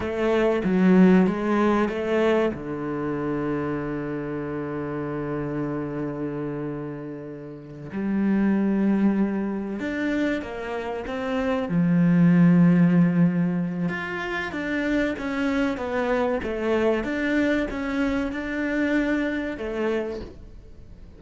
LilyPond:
\new Staff \with { instrumentName = "cello" } { \time 4/4 \tempo 4 = 95 a4 fis4 gis4 a4 | d1~ | d1~ | d8 g2. d'8~ |
d'8 ais4 c'4 f4.~ | f2 f'4 d'4 | cis'4 b4 a4 d'4 | cis'4 d'2 a4 | }